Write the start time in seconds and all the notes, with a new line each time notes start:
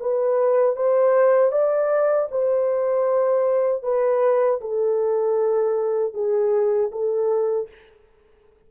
0.00 B4
0.76 C5
1.51 D5
2.31 C5
3.83 B4
4.61 A4
6.14 G#4
6.91 A4